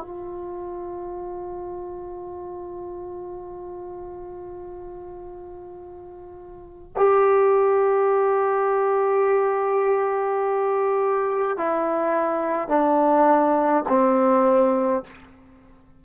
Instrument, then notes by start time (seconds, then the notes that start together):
trombone
0.00 F4
6.96 G4
11.57 E4
12.69 D4
13.88 C4